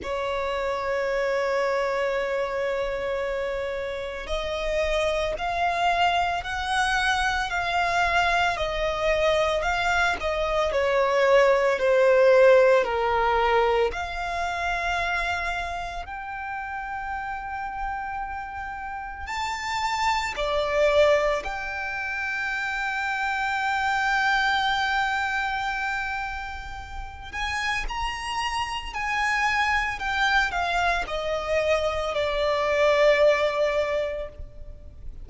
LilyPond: \new Staff \with { instrumentName = "violin" } { \time 4/4 \tempo 4 = 56 cis''1 | dis''4 f''4 fis''4 f''4 | dis''4 f''8 dis''8 cis''4 c''4 | ais'4 f''2 g''4~ |
g''2 a''4 d''4 | g''1~ | g''4. gis''8 ais''4 gis''4 | g''8 f''8 dis''4 d''2 | }